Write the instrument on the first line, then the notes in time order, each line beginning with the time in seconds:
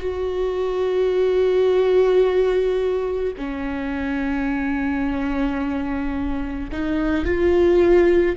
viola
0.00 F#4
3.37 C#4
6.72 D#4
7.25 F4